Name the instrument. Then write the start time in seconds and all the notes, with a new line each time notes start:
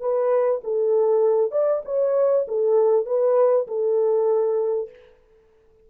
horn
0.00 B4
0.63 A4
1.51 D5
1.85 C#5
2.48 A4
3.06 B4
3.67 A4